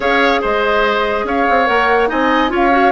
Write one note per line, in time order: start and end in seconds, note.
0.00 0.40 C#4
0.00 1.66 G#4
0.00 0.40 C#5
0.00 0.43 F5
0.41 1.24 G#3
0.41 1.25 C5
0.41 1.27 D#5
1.24 1.45 C#4
1.24 2.09 C#5
1.24 1.67 F5
1.49 1.69 C4
1.66 2.10 A#3
1.66 2.08 A#4
1.66 2.09 F#5
2.08 2.50 C4
2.08 2.49 D#4
2.08 2.51 D#5
2.08 2.52 G#5
2.49 2.91 C#4
2.49 2.70 F4
2.49 2.91 C#5
2.55 2.91 F5
2.71 2.91 F#4